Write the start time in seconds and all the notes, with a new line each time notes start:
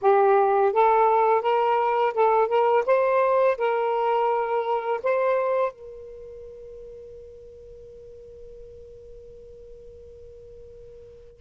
0.01 G4
0.72 A4
1.41 A#4
2.14 A4
2.48 A#4
2.86 C5
3.57 A#4
5.03 C5
5.72 A#4